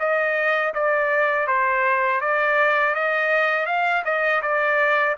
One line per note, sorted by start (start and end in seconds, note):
0.00 0.74 D#5
0.74 1.47 D5
1.47 2.21 C5
2.21 2.95 D5
2.95 3.66 D#5
3.66 4.03 F5
4.05 4.42 D#5
4.42 5.16 D5